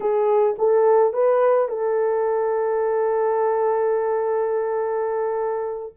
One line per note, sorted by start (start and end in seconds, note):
0.00 0.56 G#4
0.58 1.13 A4
1.13 1.68 B4
1.68 5.93 A4